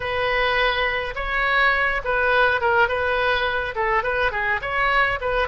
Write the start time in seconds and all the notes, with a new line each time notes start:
0.00 B4
1.15 C#5
2.04 B4
2.61 A#4
2.88 B4
3.75 A4
4.03 B4
4.31 G#4
4.61 C#5
5.21 B4